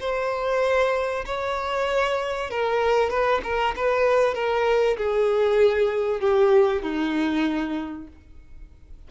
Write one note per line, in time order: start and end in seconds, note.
0.00 1.25 C5
1.26 2.50 C#5
2.50 3.10 A#4
3.10 3.41 B4
3.43 3.75 A#4
3.76 4.35 B4
4.35 4.97 A#4
4.97 6.20 G#4
6.20 6.83 G4
6.83 8.08 D#4